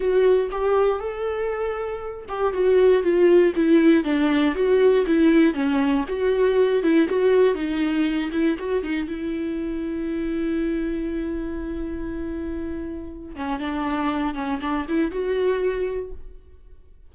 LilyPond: \new Staff \with { instrumentName = "viola" } { \time 4/4 \tempo 4 = 119 fis'4 g'4 a'2~ | a'8 g'8 fis'4 f'4 e'4 | d'4 fis'4 e'4 cis'4 | fis'4. e'8 fis'4 dis'4~ |
dis'8 e'8 fis'8 dis'8 e'2~ | e'1~ | e'2~ e'8 cis'8 d'4~ | d'8 cis'8 d'8 e'8 fis'2 | }